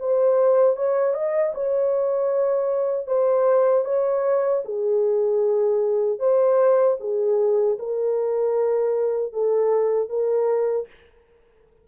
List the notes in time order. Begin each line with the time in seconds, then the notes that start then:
0.00 C5
0.77 C#5
1.14 D#5
1.55 C#5
3.07 C5
3.85 C#5
4.65 G#4
6.20 C5
7.01 G#4
7.79 A#4
9.33 A4
10.10 A#4